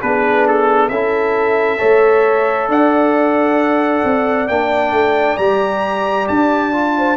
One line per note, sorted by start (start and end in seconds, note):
0.00 0.90 B3
0.00 0.90 D4
0.00 0.91 G#4
0.00 0.46 B4
0.47 0.89 A4
0.89 1.79 C#4
0.89 1.78 E4
0.89 1.79 A4
0.89 2.68 E5
1.78 2.68 A3
1.78 4.47 A4
1.78 2.68 C#5
2.68 4.02 D4
2.68 6.95 D5
2.68 4.48 F#5
4.04 4.49 C4
4.48 4.92 A#3
4.48 5.39 D4
4.48 5.37 G5
4.92 5.36 A3
5.37 6.27 G3
5.37 6.73 G4
5.37 6.26 A#5
6.28 7.16 D4
6.28 7.16 A5
6.73 7.16 F4
6.98 7.16 C5